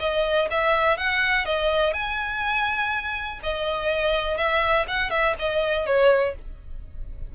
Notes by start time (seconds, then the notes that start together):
0.00 D#5
0.50 E5
0.97 F#5
1.45 D#5
1.94 G#5
3.43 D#5
4.37 E5
4.88 F#5
5.10 E5
5.39 D#5
5.86 C#5